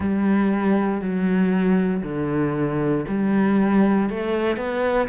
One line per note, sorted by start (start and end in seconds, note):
0.00 1.01 G3
1.01 2.02 F#3
2.03 3.05 D3
3.07 4.09 G3
4.09 4.57 A3
4.57 5.08 B3